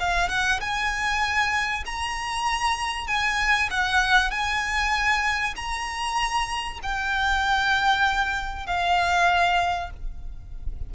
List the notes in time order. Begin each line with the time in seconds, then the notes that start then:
0.00 F5
0.30 F#5
0.61 G#5
1.86 A#5
3.08 G#5
3.71 F#5
4.31 G#5
5.56 A#5
6.84 G5
8.67 F5